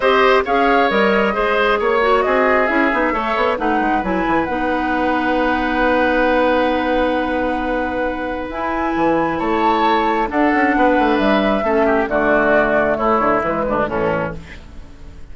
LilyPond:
<<
  \new Staff \with { instrumentName = "flute" } { \time 4/4 \tempo 4 = 134 dis''4 f''4 dis''2 | cis''4 dis''4 e''2 | fis''4 gis''4 fis''2~ | fis''1~ |
fis''2. gis''4~ | gis''4 a''2 fis''4~ | fis''4 e''2 d''4~ | d''4 cis''4 b'4 a'4 | }
  \new Staff \with { instrumentName = "oboe" } { \time 4/4 c''4 cis''2 c''4 | cis''4 gis'2 cis''4 | b'1~ | b'1~ |
b'1~ | b'4 cis''2 a'4 | b'2 a'8 g'8 fis'4~ | fis'4 e'4. d'8 cis'4 | }
  \new Staff \with { instrumentName = "clarinet" } { \time 4/4 g'4 gis'4 ais'4 gis'4~ | gis'8 fis'4. e'8 dis'8 a'4 | dis'4 e'4 dis'2~ | dis'1~ |
dis'2. e'4~ | e'2. d'4~ | d'2 cis'4 a4~ | a2 gis4 e4 | }
  \new Staff \with { instrumentName = "bassoon" } { \time 4/4 c'4 cis'4 g4 gis4 | ais4 c'4 cis'8 b8 a8 b8 | a8 gis8 fis8 e8 b2~ | b1~ |
b2. e'4 | e4 a2 d'8 cis'8 | b8 a8 g4 a4 d4~ | d4 a8 d8 e8 d,8 a,4 | }
>>